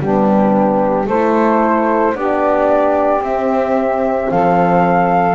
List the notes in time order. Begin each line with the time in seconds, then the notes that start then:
0.00 G3 B3 D4 G4
1.06 A3 E4 A4 C5
2.15 B3 D4 G4 D5
3.21 C4 E5
4.30 F3 A4 F5